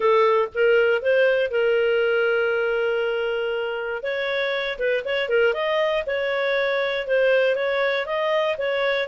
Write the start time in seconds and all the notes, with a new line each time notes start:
0.00 A4
0.54 A#4
1.02 C5
1.50 A#4
4.02 C#5
4.79 B4
5.04 C#5
5.28 A#4
5.53 D#5
6.06 C#5
7.07 C5
7.55 C#5
8.05 D#5
8.58 C#5